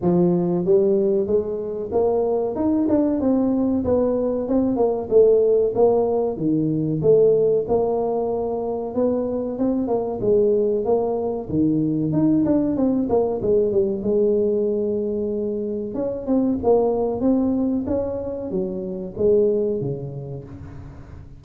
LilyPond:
\new Staff \with { instrumentName = "tuba" } { \time 4/4 \tempo 4 = 94 f4 g4 gis4 ais4 | dis'8 d'8 c'4 b4 c'8 ais8 | a4 ais4 dis4 a4 | ais2 b4 c'8 ais8 |
gis4 ais4 dis4 dis'8 d'8 | c'8 ais8 gis8 g8 gis2~ | gis4 cis'8 c'8 ais4 c'4 | cis'4 fis4 gis4 cis4 | }